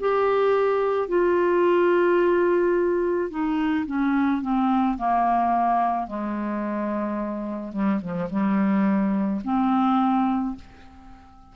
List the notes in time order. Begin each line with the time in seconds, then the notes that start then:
0.00 G4
1.08 F4
3.30 D#4
3.86 C#4
4.42 C4
4.97 A#3
6.07 G#3
7.73 G3
8.01 F3
8.29 G3
9.44 C4